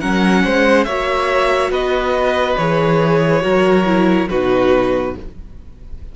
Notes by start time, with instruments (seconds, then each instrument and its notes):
0.00 cello F#3, viola C#4, violin A#4 F#5
0.44 cello G#3, violin C5
0.84 cello A#3, viola F#4, violin C#5 E5
1.71 cello B3, violin B4 D#5
2.57 cello E3, viola G#4, violin C#5
3.41 cello F#3, viola F#4, violin A#4
3.86 viola E4
4.29 cello B2, viola D#4, violin F#4 B4